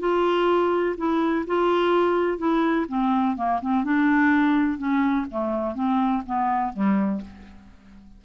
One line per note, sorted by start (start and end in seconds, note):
0.00 0.96 F4
0.98 1.46 E4
1.47 2.38 F4
2.38 2.86 E4
2.89 3.37 C4
3.37 3.61 A#3
3.62 3.84 C4
3.84 4.78 D4
4.78 5.26 C#4
5.31 5.75 A3
5.75 6.23 C4
6.26 6.73 B3
6.73 7.21 G3